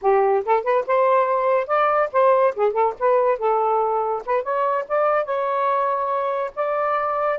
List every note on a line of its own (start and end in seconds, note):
0.01 0.43 G4
0.45 0.63 A4
0.63 0.85 B4
0.87 1.67 C5
1.67 2.09 D5
2.12 2.54 C5
2.55 2.72 G#4
2.72 2.93 A4
2.99 3.38 B4
3.38 4.23 A4
4.25 4.42 B4
4.42 4.85 C#5
4.88 5.24 D5
5.24 6.51 C#5
6.55 7.39 D5